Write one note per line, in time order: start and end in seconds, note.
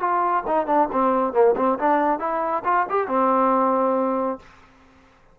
0.00 0.44 F4
0.47 0.67 D#4
0.67 0.89 D4
0.92 1.34 C4
1.34 1.55 A#3
1.57 1.79 C4
1.79 2.20 D4
2.20 2.63 E4
2.65 2.86 F4
2.90 3.08 G4
3.08 4.39 C4